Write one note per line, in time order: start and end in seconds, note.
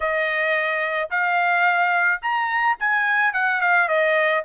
0.00 1.09 D#5
1.10 2.21 F5
2.22 2.77 A#5
2.79 3.33 G#5
3.33 3.60 F#5
3.61 3.88 F5
3.88 4.43 D#5